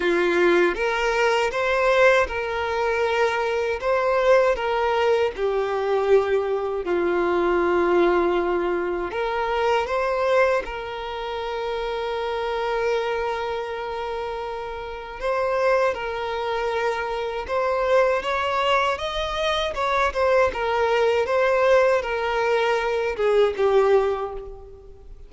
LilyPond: \new Staff \with { instrumentName = "violin" } { \time 4/4 \tempo 4 = 79 f'4 ais'4 c''4 ais'4~ | ais'4 c''4 ais'4 g'4~ | g'4 f'2. | ais'4 c''4 ais'2~ |
ais'1 | c''4 ais'2 c''4 | cis''4 dis''4 cis''8 c''8 ais'4 | c''4 ais'4. gis'8 g'4 | }